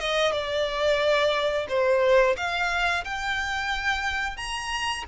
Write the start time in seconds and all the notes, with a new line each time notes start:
0.00 D#5
0.32 D5
1.69 C5
2.37 F5
3.05 G5
4.37 A#5